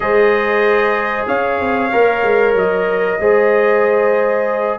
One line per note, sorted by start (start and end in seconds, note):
0.00 1.24 G#3
0.00 1.90 G#4
0.00 1.28 C5
0.00 1.25 D#5
1.27 1.59 C#4
1.27 3.19 C#5
1.27 2.55 F5
1.59 1.91 C4
1.92 2.22 A#3
1.92 3.19 A#4
2.22 2.54 G#3
2.54 3.18 F#3
2.54 4.79 D#5
3.19 4.79 G#3
3.19 4.79 G#4
3.19 4.79 C5